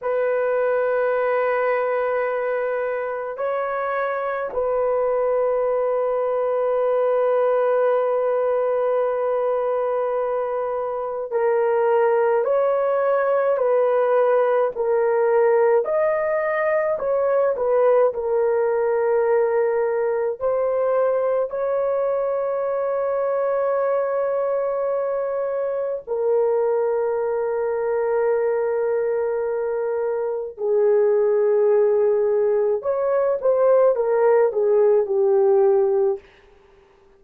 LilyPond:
\new Staff \with { instrumentName = "horn" } { \time 4/4 \tempo 4 = 53 b'2. cis''4 | b'1~ | b'2 ais'4 cis''4 | b'4 ais'4 dis''4 cis''8 b'8 |
ais'2 c''4 cis''4~ | cis''2. ais'4~ | ais'2. gis'4~ | gis'4 cis''8 c''8 ais'8 gis'8 g'4 | }